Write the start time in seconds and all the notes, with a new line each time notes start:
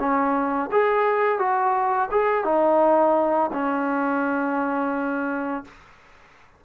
0.00 C#4
0.72 G#4
1.39 F#4
2.12 G#4
2.45 D#4
3.53 C#4